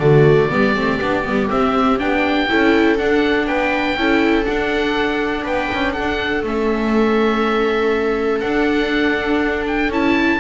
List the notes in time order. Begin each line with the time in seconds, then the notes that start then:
0.00 D3 A3 F#4 D5
0.50 G3 B3 G4
0.75 A3 C4
1.02 B3 D4
1.24 G3 B3
1.50 C4 E5
1.99 B3 D4 G5
2.49 C#4 E4 A4
2.98 D4 F#5
3.47 B3 B4 G5
3.97 C#4 E4 A4
4.45 D4 F#5
5.44 B3 B4 G5
5.73 C#4
5.93 D4 A4 F#5
6.43 A3 C#4 E5
8.40 D4 F#5
9.68 G5
9.90 C#4 E4 A5